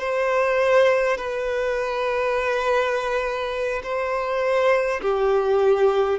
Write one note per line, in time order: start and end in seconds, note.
0.00 1.17 C5
1.17 3.82 B4
3.83 5.01 C5
5.02 6.19 G4